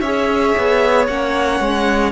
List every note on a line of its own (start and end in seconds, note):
0.00 0.53 C#4
0.00 1.08 G#4
0.00 2.11 C#5
0.00 1.05 E5
0.57 1.07 B3
1.07 1.59 A#3
1.07 2.11 C#4
1.07 2.11 F#5
1.59 2.11 G#3